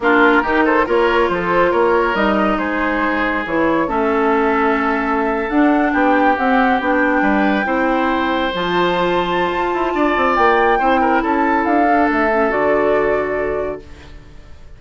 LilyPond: <<
  \new Staff \with { instrumentName = "flute" } { \time 4/4 \tempo 4 = 139 ais'4. c''8 cis''4 c''4 | cis''4 dis''4 c''2 | cis''4 e''2.~ | e''8. fis''4 g''4 fis''4 g''16~ |
g''2.~ g''8. a''16~ | a''1 | g''2 a''4 f''4 | e''4 d''2. | }
  \new Staff \with { instrumentName = "oboe" } { \time 4/4 f'4 g'8 a'8 ais'4 a'4 | ais'2 gis'2~ | gis'4 a'2.~ | a'4.~ a'16 g'2~ g'16~ |
g'8. b'4 c''2~ c''16~ | c''2. d''4~ | d''4 c''8 ais'8 a'2~ | a'1 | }
  \new Staff \with { instrumentName = "clarinet" } { \time 4/4 d'4 dis'4 f'2~ | f'4 dis'2. | e'4 cis'2.~ | cis'8. d'2 c'4 d'16~ |
d'4.~ d'16 e'2 f'16~ | f'1~ | f'4 e'2~ e'8 d'8~ | d'8 cis'8 fis'2. | }
  \new Staff \with { instrumentName = "bassoon" } { \time 4/4 ais4 dis4 ais4 f4 | ais4 g4 gis2 | e4 a2.~ | a8. d'4 b4 c'4 b16~ |
b8. g4 c'2 f16~ | f2 f'8 e'8 d'8 c'8 | ais4 c'4 cis'4 d'4 | a4 d2. | }
>>